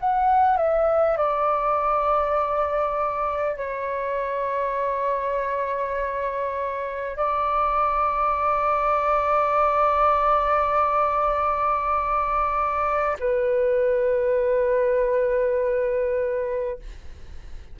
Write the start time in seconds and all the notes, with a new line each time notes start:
0.00 F#5
0.58 E5
1.18 D5
3.57 C#5
7.17 D5
13.20 B4